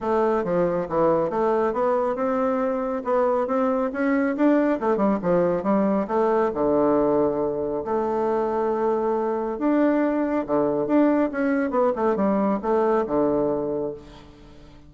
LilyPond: \new Staff \with { instrumentName = "bassoon" } { \time 4/4 \tempo 4 = 138 a4 f4 e4 a4 | b4 c'2 b4 | c'4 cis'4 d'4 a8 g8 | f4 g4 a4 d4~ |
d2 a2~ | a2 d'2 | d4 d'4 cis'4 b8 a8 | g4 a4 d2 | }